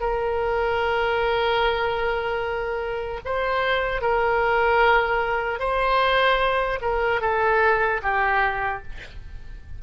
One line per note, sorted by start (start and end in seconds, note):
0.00 3.20 A#4
3.25 4.01 C5
4.01 5.59 A#4
5.59 6.79 C5
6.81 7.21 A#4
7.21 8.01 A4
8.03 8.83 G4